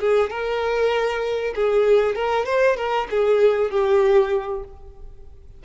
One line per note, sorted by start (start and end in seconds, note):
0.00 0.30 G#4
0.30 1.54 A#4
1.55 2.15 G#4
2.15 2.46 A#4
2.46 2.77 C5
2.77 3.08 A#4
3.10 3.71 G#4
3.71 4.64 G4